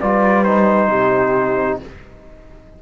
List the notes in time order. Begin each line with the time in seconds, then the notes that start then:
0.00 G3 F4 B4 D5
0.44 D#4 C5
0.89 C3 G4